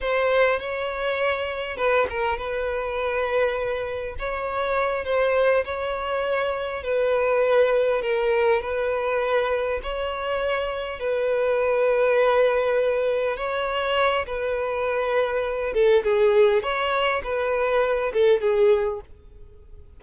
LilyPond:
\new Staff \with { instrumentName = "violin" } { \time 4/4 \tempo 4 = 101 c''4 cis''2 b'8 ais'8 | b'2. cis''4~ | cis''8 c''4 cis''2 b'8~ | b'4. ais'4 b'4.~ |
b'8 cis''2 b'4.~ | b'2~ b'8 cis''4. | b'2~ b'8 a'8 gis'4 | cis''4 b'4. a'8 gis'4 | }